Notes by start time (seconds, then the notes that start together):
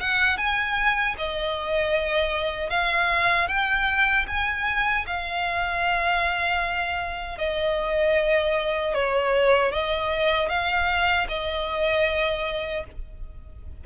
0.00 F#5
0.37 G#5
1.18 D#5
2.70 F5
3.47 G5
4.28 G#5
5.06 F5
7.38 D#5
8.94 C#5
9.72 D#5
10.49 F5
11.28 D#5